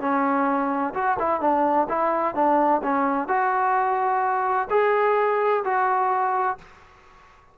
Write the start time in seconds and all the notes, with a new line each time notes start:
0.00 C#4
0.94 F#4
1.19 E4
1.41 D4
1.89 E4
2.35 D4
2.83 C#4
3.28 F#4
4.70 G#4
5.64 F#4